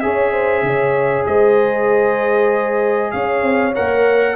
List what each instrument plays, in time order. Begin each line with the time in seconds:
0.00 tuba C#4, trombone G#4, horn C#5, trumpet E5
0.32 horn C5
0.62 tuba C#3, horn C#5
1.26 tuba G#3, horn C5, trumpet D#5
3.11 tuba C#4, horn C#5, trumpet F5
3.43 tuba C4
3.75 tuba A#3, trombone A#4, trumpet F#5